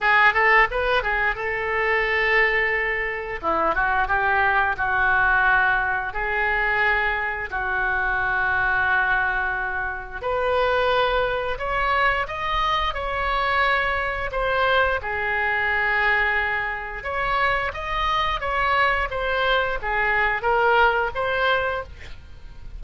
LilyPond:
\new Staff \with { instrumentName = "oboe" } { \time 4/4 \tempo 4 = 88 gis'8 a'8 b'8 gis'8 a'2~ | a'4 e'8 fis'8 g'4 fis'4~ | fis'4 gis'2 fis'4~ | fis'2. b'4~ |
b'4 cis''4 dis''4 cis''4~ | cis''4 c''4 gis'2~ | gis'4 cis''4 dis''4 cis''4 | c''4 gis'4 ais'4 c''4 | }